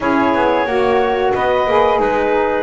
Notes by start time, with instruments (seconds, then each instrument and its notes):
0.00 double bass C#4, saxophone E4, flute G#4, clarinet C#5
0.34 double bass B3
0.65 double bass A#3, flute F#4, saxophone F#4
1.34 double bass B3, flute B4, clarinet D#5
1.66 double bass A#3, saxophone G#4
1.99 double bass G#3, flute D#4, clarinet B4